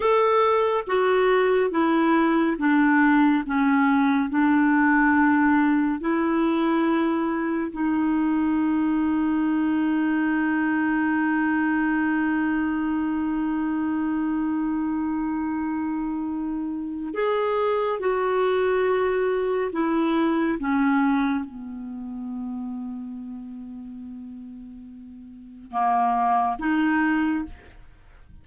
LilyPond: \new Staff \with { instrumentName = "clarinet" } { \time 4/4 \tempo 4 = 70 a'4 fis'4 e'4 d'4 | cis'4 d'2 e'4~ | e'4 dis'2.~ | dis'1~ |
dis'1 | gis'4 fis'2 e'4 | cis'4 b2.~ | b2 ais4 dis'4 | }